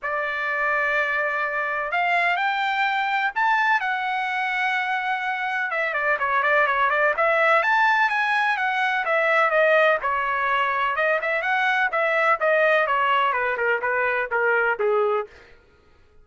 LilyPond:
\new Staff \with { instrumentName = "trumpet" } { \time 4/4 \tempo 4 = 126 d''1 | f''4 g''2 a''4 | fis''1 | e''8 d''8 cis''8 d''8 cis''8 d''8 e''4 |
a''4 gis''4 fis''4 e''4 | dis''4 cis''2 dis''8 e''8 | fis''4 e''4 dis''4 cis''4 | b'8 ais'8 b'4 ais'4 gis'4 | }